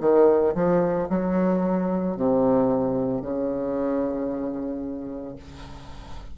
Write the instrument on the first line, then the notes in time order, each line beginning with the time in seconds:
bassoon
0.00 D#3
0.54 F3
1.09 F#3
2.16 C3
3.21 C#3